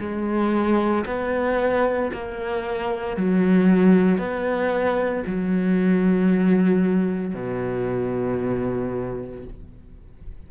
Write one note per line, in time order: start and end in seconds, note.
0.00 1.05 G#3
1.06 2.11 B3
2.13 3.16 A#3
3.16 4.18 F#3
4.18 5.23 B3
5.27 7.34 F#3
7.34 9.45 B2